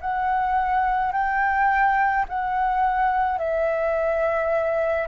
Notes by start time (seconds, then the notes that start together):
0.00 F#5
1.12 G5
2.28 F#5
3.38 E5